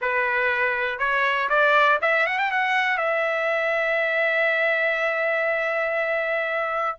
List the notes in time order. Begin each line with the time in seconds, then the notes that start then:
0.01 B4
0.98 C#5
1.49 D5
2.01 E5
2.26 F#5
2.38 G5
2.51 F#5
2.97 E5